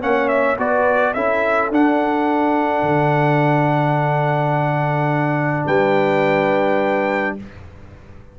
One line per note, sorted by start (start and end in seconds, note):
0.00 0.58 A#3
0.00 0.57 C#4
0.00 0.59 C#5
0.00 0.28 F#5
0.28 0.56 E5
0.58 1.15 B3
0.58 1.15 F#4
0.58 1.14 B4
0.58 1.14 D5
1.14 1.70 C#4
1.14 1.72 E4
1.14 5.66 A4
1.14 1.70 E5
1.70 2.82 D4
1.70 7.39 D4
1.70 5.67 F#5
2.82 5.65 D3
5.66 7.37 G3
5.66 7.35 B4
5.66 7.36 G5